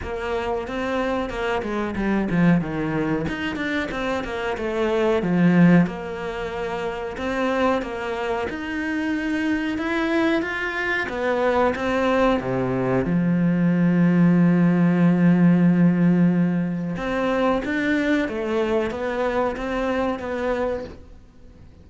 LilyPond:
\new Staff \with { instrumentName = "cello" } { \time 4/4 \tempo 4 = 92 ais4 c'4 ais8 gis8 g8 f8 | dis4 dis'8 d'8 c'8 ais8 a4 | f4 ais2 c'4 | ais4 dis'2 e'4 |
f'4 b4 c'4 c4 | f1~ | f2 c'4 d'4 | a4 b4 c'4 b4 | }